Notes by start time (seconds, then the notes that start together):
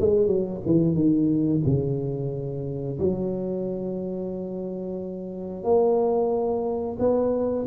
0.00 G#3
0.27 F#3
0.66 E3
0.94 D#3
1.65 C#3
2.99 F#3
5.64 A#3
6.99 B3